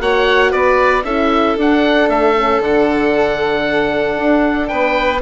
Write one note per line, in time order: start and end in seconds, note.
0.00 0.53 A#3
0.00 1.04 F#4
0.00 0.51 C#5
0.00 0.52 F#5
0.51 1.04 B3
0.51 1.03 B4
0.51 1.04 D5
1.04 1.56 C#4
1.04 1.58 E4
1.04 4.69 A4
1.04 1.57 E5
1.58 2.36 D4
1.58 2.09 D4
1.58 2.10 F#5
2.09 2.60 A3
2.09 2.62 E5
2.36 2.62 C#4
2.60 4.16 D3
2.60 5.22 D4
2.60 4.68 F#5
4.18 4.70 D4
4.68 5.22 B3
4.68 5.22 B4
4.68 5.20 G5